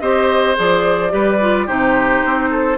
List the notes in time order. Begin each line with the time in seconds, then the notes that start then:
0.00 C4 G4 C5 D#5
0.56 F3 G#4 D5
1.10 G3 G4 B4
1.41 F4
1.66 C3 D#4 G4 C5
2.25 C4
2.51 A4